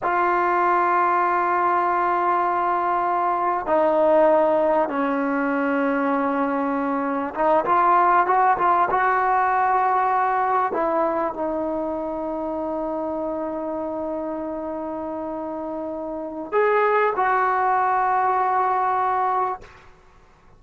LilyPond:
\new Staff \with { instrumentName = "trombone" } { \time 4/4 \tempo 4 = 98 f'1~ | f'2 dis'2 | cis'1 | dis'8 f'4 fis'8 f'8 fis'4.~ |
fis'4. e'4 dis'4.~ | dis'1~ | dis'2. gis'4 | fis'1 | }